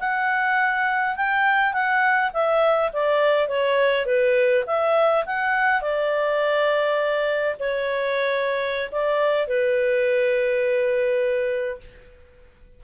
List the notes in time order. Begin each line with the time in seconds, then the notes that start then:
0.00 F#5
1.17 G5
1.73 F#5
2.34 E5
2.93 D5
3.48 C#5
4.06 B4
4.67 E5
5.26 F#5
5.82 D5
7.60 C#5
8.92 D5
9.48 B4